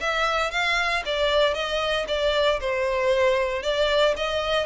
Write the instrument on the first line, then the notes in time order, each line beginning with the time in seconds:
violin
0.00 E5
0.51 F5
1.05 D5
1.54 D#5
2.07 D5
2.60 C5
3.62 D5
4.16 D#5